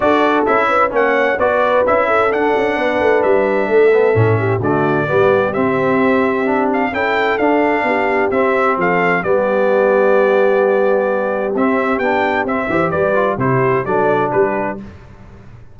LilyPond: <<
  \new Staff \with { instrumentName = "trumpet" } { \time 4/4 \tempo 4 = 130 d''4 e''4 fis''4 d''4 | e''4 fis''2 e''4~ | e''2 d''2 | e''2~ e''8 f''8 g''4 |
f''2 e''4 f''4 | d''1~ | d''4 e''4 g''4 e''4 | d''4 c''4 d''4 b'4 | }
  \new Staff \with { instrumentName = "horn" } { \time 4/4 a'4. b'8 cis''4 b'4~ | b'8 a'4. b'2 | a'4. g'8 fis'4 g'4~ | g'2. a'4~ |
a'4 g'2 a'4 | g'1~ | g'2.~ g'8 c''8 | b'4 g'4 a'4 g'4 | }
  \new Staff \with { instrumentName = "trombone" } { \time 4/4 fis'4 e'4 cis'4 fis'4 | e'4 d'2.~ | d'8 b8 cis'4 a4 b4 | c'2 d'4 e'4 |
d'2 c'2 | b1~ | b4 c'4 d'4 c'8 g'8~ | g'8 f'8 e'4 d'2 | }
  \new Staff \with { instrumentName = "tuba" } { \time 4/4 d'4 cis'4 ais4 b4 | cis'4 d'8 cis'8 b8 a8 g4 | a4 a,4 d4 g4 | c'2. cis'4 |
d'4 b4 c'4 f4 | g1~ | g4 c'4 b4 c'8 e8 | g4 c4 fis4 g4 | }
>>